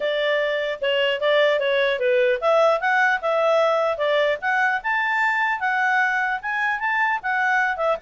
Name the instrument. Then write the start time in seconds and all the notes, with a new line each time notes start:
clarinet
0.00 D5
0.81 C#5
1.20 D5
1.59 C#5
1.99 B4
2.40 E5
2.80 F#5
3.21 E5
3.97 D5
4.41 F#5
4.83 A5
5.60 F#5
6.42 G#5
6.79 A5
7.23 F#5
7.77 E5